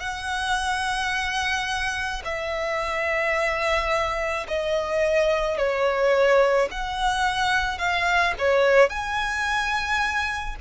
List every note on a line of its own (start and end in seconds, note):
0.00 2.22 F#5
2.25 4.47 E5
4.48 5.58 D#5
5.58 6.69 C#5
6.71 7.78 F#5
7.78 8.34 F5
8.39 8.89 C#5
8.89 10.56 G#5